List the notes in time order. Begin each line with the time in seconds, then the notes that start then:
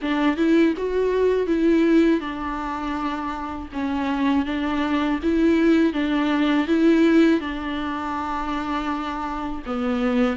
0.01 D4
0.36 E4
0.77 F#4
1.46 E4
2.20 D4
3.72 C#4
4.45 D4
5.23 E4
5.93 D4
6.67 E4
7.40 D4
9.66 B3